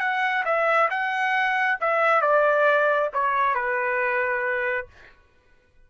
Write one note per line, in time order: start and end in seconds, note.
0.00 0.44 F#5
0.45 0.89 E5
0.90 1.78 F#5
1.81 2.22 E5
2.22 3.10 D5
3.14 3.55 C#5
3.55 4.87 B4